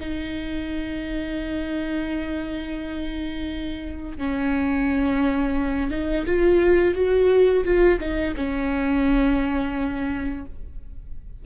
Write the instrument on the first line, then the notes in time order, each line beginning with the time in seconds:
viola
0.00 D#4
4.18 C#4
5.90 D#4
6.25 F4
6.94 F#4
7.64 F4
7.99 D#4
8.36 C#4